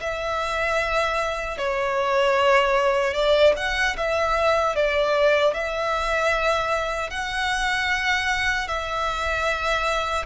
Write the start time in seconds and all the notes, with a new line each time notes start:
0.00 E5
1.58 C#5
3.14 D5
3.57 F#5
3.97 E5
4.75 D5
5.54 E5
7.11 F#5
8.68 E5